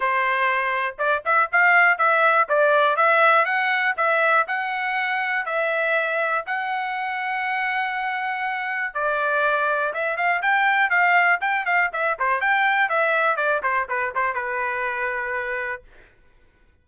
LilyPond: \new Staff \with { instrumentName = "trumpet" } { \time 4/4 \tempo 4 = 121 c''2 d''8 e''8 f''4 | e''4 d''4 e''4 fis''4 | e''4 fis''2 e''4~ | e''4 fis''2.~ |
fis''2 d''2 | e''8 f''8 g''4 f''4 g''8 f''8 | e''8 c''8 g''4 e''4 d''8 c''8 | b'8 c''8 b'2. | }